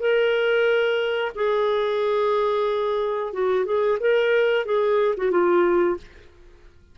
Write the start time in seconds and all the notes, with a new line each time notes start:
0.00 A#4
1.35 G#4
3.33 F#4
3.65 G#4
4.00 A#4
4.65 G#4
5.17 F#4
5.31 F4